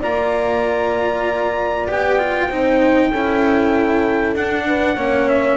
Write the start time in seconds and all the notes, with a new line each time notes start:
0.00 A#3 F4 D5 A#5
1.88 B3 G4 G5
2.18 F4
2.48 C4 D#4 C5
3.10 C#4 E4 A4
4.33 D4 F#5
4.67 B4
4.95 A#3 C#4 C#5
5.28 E5